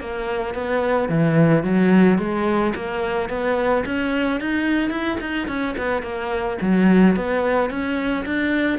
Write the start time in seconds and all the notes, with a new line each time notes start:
0.00 A#3
0.54 B3
1.09 E3
1.63 F#3
2.18 G#3
2.75 A#3
3.29 B3
3.85 C#4
4.40 D#4
4.90 E4
5.20 D#4
5.47 C#4
5.77 B3
6.02 A#3
6.61 F#3
7.16 B3
7.70 C#4
8.25 D4